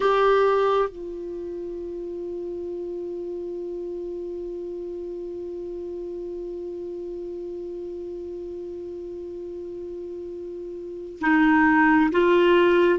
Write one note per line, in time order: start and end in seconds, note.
0.00 0.89 G4
0.89 11.19 F4
11.20 12.10 D#4
12.11 12.99 F4